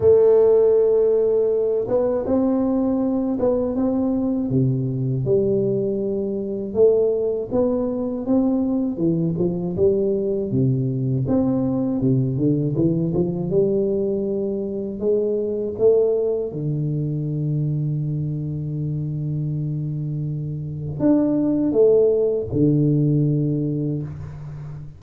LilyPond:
\new Staff \with { instrumentName = "tuba" } { \time 4/4 \tempo 4 = 80 a2~ a8 b8 c'4~ | c'8 b8 c'4 c4 g4~ | g4 a4 b4 c'4 | e8 f8 g4 c4 c'4 |
c8 d8 e8 f8 g2 | gis4 a4 d2~ | d1 | d'4 a4 d2 | }